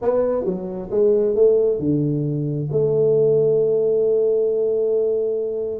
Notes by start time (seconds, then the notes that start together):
0.01 B3
0.45 F#3
0.90 G#3
1.35 A3
1.79 D3
2.71 A3